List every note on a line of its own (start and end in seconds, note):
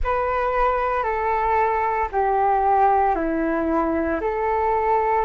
0.03 1.02 B4
1.02 2.08 A4
2.11 3.15 G4
3.15 4.20 E4
4.21 5.25 A4